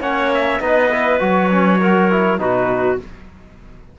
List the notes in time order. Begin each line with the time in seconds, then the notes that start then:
0.00 A#3 C#4 C#5 F#5
0.34 E5
0.60 B3 D#4 B4 D#5
0.90 E4
1.20 F#3 F#4 C#5
1.50 C#4
1.80 F#4 A#4
2.11 E4
2.38 B2 D#4 F#4 B4